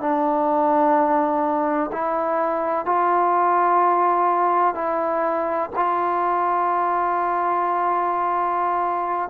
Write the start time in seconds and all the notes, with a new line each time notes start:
0.00 D4
1.92 E4
2.85 F4
4.74 E4
5.75 F4